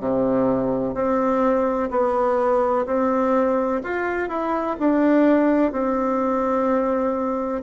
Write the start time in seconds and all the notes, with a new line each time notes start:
0.00 C3
0.94 C4
1.90 B3
2.86 C4
3.83 F4
4.29 E4
4.79 D4
5.72 C4